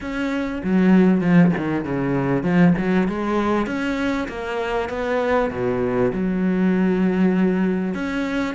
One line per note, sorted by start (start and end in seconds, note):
0.00 0.62 C#4
0.63 1.21 F#3
1.21 1.51 F3
1.57 1.84 D#3
1.84 2.43 C#3
2.43 2.73 F3
2.77 3.08 F#3
3.08 3.66 G#3
3.66 4.27 C#4
4.28 4.89 A#3
4.89 5.50 B3
5.50 6.12 B2
6.12 7.94 F#3
7.94 8.54 C#4